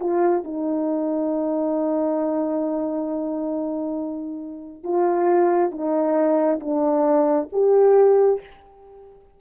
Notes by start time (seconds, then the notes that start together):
0.00 F4
0.44 D#4
4.84 F4
5.71 D#4
6.60 D4
7.52 G4